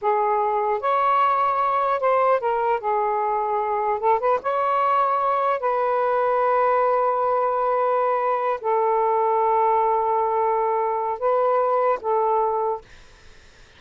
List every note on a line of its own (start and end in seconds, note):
0.01 0.80 G#4
0.80 1.99 C#5
1.99 2.39 C5
2.40 2.80 A#4
2.80 3.99 G#4
3.99 4.19 A4
4.19 4.39 B4
4.42 5.59 C#5
5.59 8.59 B4
8.60 11.19 A4
11.19 11.99 B4
12.01 12.81 A4